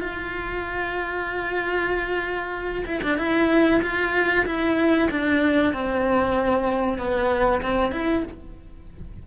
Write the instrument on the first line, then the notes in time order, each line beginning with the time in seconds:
cello
0.00 F4
2.86 E4
3.02 D4
3.18 E4
3.82 F4
4.46 E4
5.11 D4
5.73 C4
6.98 B3
7.62 C4
7.92 E4